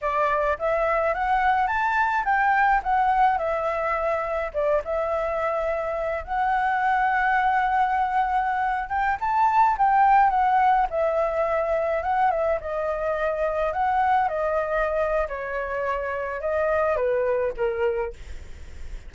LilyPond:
\new Staff \with { instrumentName = "flute" } { \time 4/4 \tempo 4 = 106 d''4 e''4 fis''4 a''4 | g''4 fis''4 e''2 | d''8 e''2~ e''8 fis''4~ | fis''2.~ fis''8. g''16~ |
g''16 a''4 g''4 fis''4 e''8.~ | e''4~ e''16 fis''8 e''8 dis''4.~ dis''16~ | dis''16 fis''4 dis''4.~ dis''16 cis''4~ | cis''4 dis''4 b'4 ais'4 | }